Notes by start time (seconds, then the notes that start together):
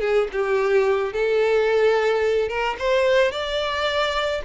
0.00 G#4
0.32 G4
1.13 A4
2.48 A#4
2.78 C5
3.31 D5